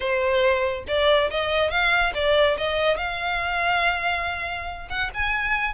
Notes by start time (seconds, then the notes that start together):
0.00 C5
0.87 D5
1.30 D#5
1.70 F5
2.14 D5
2.57 D#5
2.97 F5
4.89 F#5
5.14 G#5